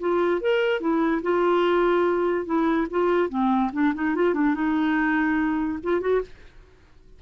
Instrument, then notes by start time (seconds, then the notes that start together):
clarinet
0.00 F4
0.41 A#4
0.81 E4
1.23 F4
2.46 E4
2.91 F4
3.29 C4
3.73 D4
3.94 D#4
4.15 F4
4.34 D4
4.55 D#4
5.83 F4
6.01 F#4